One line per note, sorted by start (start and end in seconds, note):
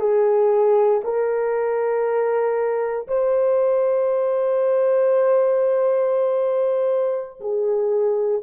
0.00 1.02 G#4
1.04 3.07 A#4
3.08 7.40 C5
7.41 8.42 G#4